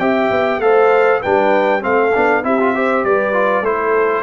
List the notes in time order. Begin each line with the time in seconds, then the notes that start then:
0.00 C4 G4 E5 G5
0.31 B3
0.59 A3 A4 C5 F5
1.21 G3 D4 B4 G5
1.81 A3 C4 A4 F5
2.15 B3 D4
2.44 C4 E4 G4 E5
2.61 F4
2.75 G4 C5
3.05 G3 B4 D5
3.33 F4
3.62 A3 E4 A4 C5